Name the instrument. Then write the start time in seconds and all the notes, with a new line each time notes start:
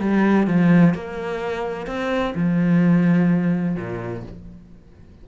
cello
0.00 G3
0.47 F3
0.94 A#3
1.87 C4
2.35 F3
3.76 A#2